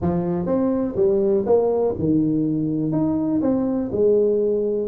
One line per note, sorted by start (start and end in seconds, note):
0.01 0.45 F3
0.45 0.94 C4
0.95 1.44 G3
1.45 1.94 A#3
1.98 2.91 D#3
2.91 3.40 D#4
3.41 3.90 C4
3.92 4.87 G#3